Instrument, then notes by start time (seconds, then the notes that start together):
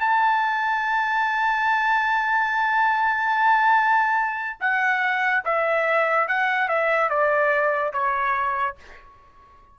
trumpet
0.00 A5
4.61 F#5
5.45 E5
6.28 F#5
6.69 E5
7.10 D5
7.93 C#5